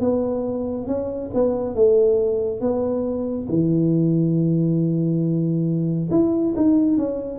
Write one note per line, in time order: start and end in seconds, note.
0.00 0.87 B3
0.87 1.30 C#4
1.34 1.75 B3
1.75 2.60 A3
2.60 3.47 B3
3.48 6.09 E3
6.11 6.54 E4
6.56 6.98 D#4
6.98 7.39 C#4